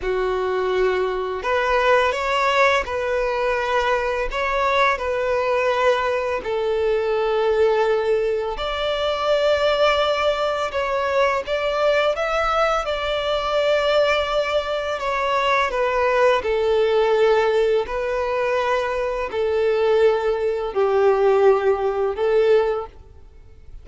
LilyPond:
\new Staff \with { instrumentName = "violin" } { \time 4/4 \tempo 4 = 84 fis'2 b'4 cis''4 | b'2 cis''4 b'4~ | b'4 a'2. | d''2. cis''4 |
d''4 e''4 d''2~ | d''4 cis''4 b'4 a'4~ | a'4 b'2 a'4~ | a'4 g'2 a'4 | }